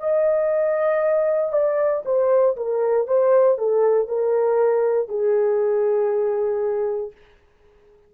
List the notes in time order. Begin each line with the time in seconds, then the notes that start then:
0.00 D#5
1.53 D5
2.05 C5
2.57 A#4
3.07 C5
3.58 A4
4.08 A#4
5.08 G#4